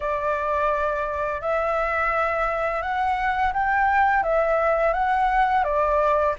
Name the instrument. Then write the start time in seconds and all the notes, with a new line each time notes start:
flute
0.00 D5
1.41 E5
2.82 F#5
3.53 G5
4.23 E5
4.93 F#5
5.64 D5